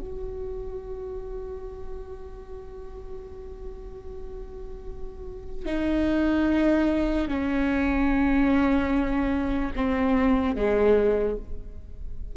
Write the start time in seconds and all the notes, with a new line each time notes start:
0.00 F#4
5.65 D#4
7.28 C#4
9.76 C4
10.55 G#3